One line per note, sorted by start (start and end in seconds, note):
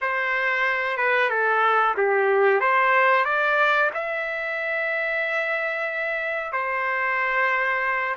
0.01 0.97 C5
0.97 1.29 B4
1.29 1.94 A4
1.97 2.60 G4
2.60 3.25 C5
3.25 3.90 D5
3.94 6.52 E5
6.52 8.15 C5